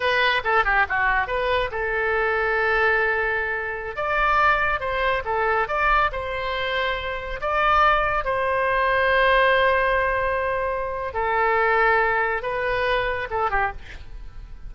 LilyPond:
\new Staff \with { instrumentName = "oboe" } { \time 4/4 \tempo 4 = 140 b'4 a'8 g'8 fis'4 b'4 | a'1~ | a'4~ a'16 d''2 c''8.~ | c''16 a'4 d''4 c''4.~ c''16~ |
c''4~ c''16 d''2 c''8.~ | c''1~ | c''2 a'2~ | a'4 b'2 a'8 g'8 | }